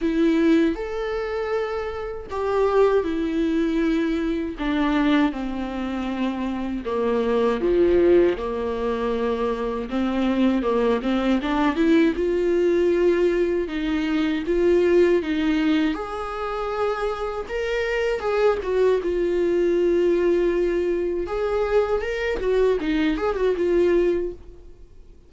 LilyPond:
\new Staff \with { instrumentName = "viola" } { \time 4/4 \tempo 4 = 79 e'4 a'2 g'4 | e'2 d'4 c'4~ | c'4 ais4 f4 ais4~ | ais4 c'4 ais8 c'8 d'8 e'8 |
f'2 dis'4 f'4 | dis'4 gis'2 ais'4 | gis'8 fis'8 f'2. | gis'4 ais'8 fis'8 dis'8 gis'16 fis'16 f'4 | }